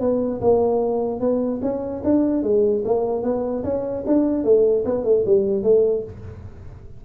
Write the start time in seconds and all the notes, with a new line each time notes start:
0.00 B3
0.41 A#3
1.20 B3
1.62 C#4
2.04 D4
2.43 G#3
2.85 A#3
3.23 B3
3.64 C#4
4.06 D4
4.44 A3
4.85 B3
5.04 A3
5.26 G3
5.63 A3